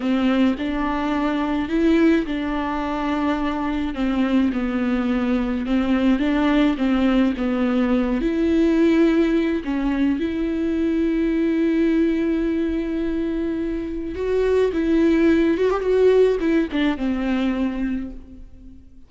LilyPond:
\new Staff \with { instrumentName = "viola" } { \time 4/4 \tempo 4 = 106 c'4 d'2 e'4 | d'2. c'4 | b2 c'4 d'4 | c'4 b4. e'4.~ |
e'4 cis'4 e'2~ | e'1~ | e'4 fis'4 e'4. fis'16 g'16 | fis'4 e'8 d'8 c'2 | }